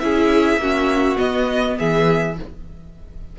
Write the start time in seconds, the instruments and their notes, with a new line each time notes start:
0.00 cello C#4, viola E4, violin G#4 E5
0.57 cello A#3, viola C#4, violin F#4
1.17 viola B3, cello B3, violin D#5
1.78 cello E3, violin G#4 E5